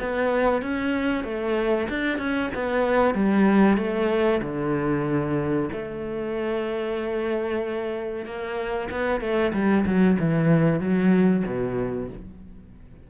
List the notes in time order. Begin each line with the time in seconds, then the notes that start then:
0.00 B3
0.62 C#4
1.24 A3
1.89 D4
2.18 C#4
2.54 B3
3.14 G3
3.77 A3
4.42 D3
5.72 A3
8.25 A#3
8.91 B3
9.21 A3
9.53 G3
9.86 F#3
10.19 E3
10.80 F#3
11.46 B2